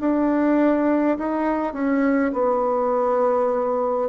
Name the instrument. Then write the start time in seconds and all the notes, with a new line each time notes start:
bassoon
0.00 D4
1.18 D#4
1.73 C#4
2.33 B3